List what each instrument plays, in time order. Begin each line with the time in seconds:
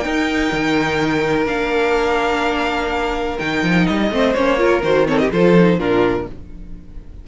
0.00 viola D#4, cello D#4, violin A#4 G5
0.52 cello D#3
1.46 cello A#3, viola D4, violin F5
3.39 cello D#3, viola D#4, violin G5
3.63 cello F3
3.87 cello G3, violin D#5
4.11 cello A3, viola C4, violin C5
4.34 cello A#3, viola C#4, violin C#5
4.58 viola F4, violin A#4
4.82 cello D#3, viola F#4, violin C5
5.07 viola C4, violin A4 C#5
5.18 violin G4 D#5
5.32 cello F3, viola F4, violin A4 C5
5.58 viola D#4
5.78 cello A#2, viola D4, violin F4 A#4